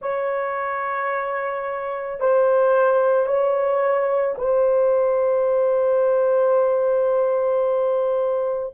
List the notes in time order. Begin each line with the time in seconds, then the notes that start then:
0.01 C#5
2.20 C5
3.26 C#5
4.37 C5